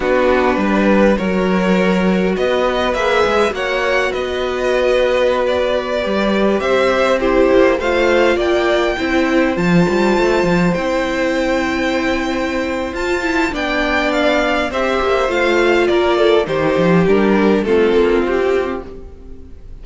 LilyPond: <<
  \new Staff \with { instrumentName = "violin" } { \time 4/4 \tempo 4 = 102 b'2 cis''2 | dis''4 e''4 fis''4 dis''4~ | dis''4~ dis''16 d''2 e''8.~ | e''16 c''4 f''4 g''4.~ g''16~ |
g''16 a''2 g''4.~ g''16~ | g''2 a''4 g''4 | f''4 e''4 f''4 d''4 | c''4 ais'4 a'4 g'4 | }
  \new Staff \with { instrumentName = "violin" } { \time 4/4 fis'4 b'4 ais'2 | b'2 cis''4 b'4~ | b'2.~ b'16 c''8.~ | c''16 g'4 c''4 d''4 c''8.~ |
c''1~ | c''2. d''4~ | d''4 c''2 ais'8 a'8 | g'2 f'2 | }
  \new Staff \with { instrumentName = "viola" } { \time 4/4 d'2 fis'2~ | fis'4 gis'4 fis'2~ | fis'2~ fis'16 g'4.~ g'16~ | g'16 e'4 f'2 e'8.~ |
e'16 f'2 e'4.~ e'16~ | e'2 f'8 e'8 d'4~ | d'4 g'4 f'2 | dis'4 d'4 c'2 | }
  \new Staff \with { instrumentName = "cello" } { \time 4/4 b4 g4 fis2 | b4 ais8 gis8 ais4 b4~ | b2~ b16 g4 c'8.~ | c'8. ais8 a4 ais4 c'8.~ |
c'16 f8 g8 a8 f8 c'4.~ c'16~ | c'2 f'4 b4~ | b4 c'8 ais8 a4 ais4 | dis8 f8 g4 a8 ais8 c'4 | }
>>